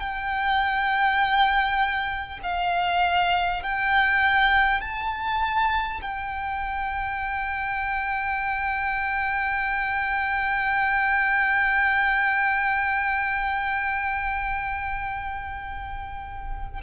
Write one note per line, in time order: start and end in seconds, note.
0.00 2.40 G5
2.43 3.63 F5
3.63 4.81 G5
4.81 6.01 A5
6.02 16.82 G5